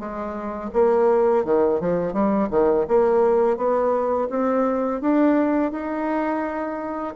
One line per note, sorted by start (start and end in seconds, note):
0.00 0.71 G#3
0.74 1.45 A#3
1.45 1.81 D#3
1.81 2.13 F3
2.13 2.49 G3
2.51 2.87 D#3
2.88 3.57 A#3
3.57 4.29 B3
4.30 5.02 C4
5.02 5.72 D4
5.72 7.15 D#4